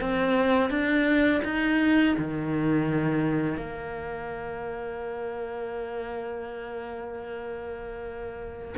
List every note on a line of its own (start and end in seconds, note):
0.00 0.69 C4
0.69 1.41 D4
1.44 2.15 D#4
2.18 3.56 D#3
3.56 8.74 A#3